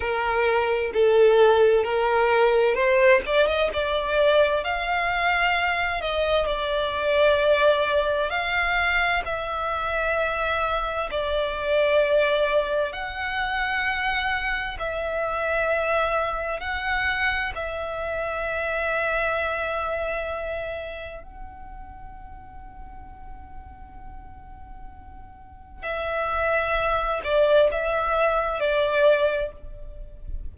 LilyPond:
\new Staff \with { instrumentName = "violin" } { \time 4/4 \tempo 4 = 65 ais'4 a'4 ais'4 c''8 d''16 dis''16 | d''4 f''4. dis''8 d''4~ | d''4 f''4 e''2 | d''2 fis''2 |
e''2 fis''4 e''4~ | e''2. fis''4~ | fis''1 | e''4. d''8 e''4 d''4 | }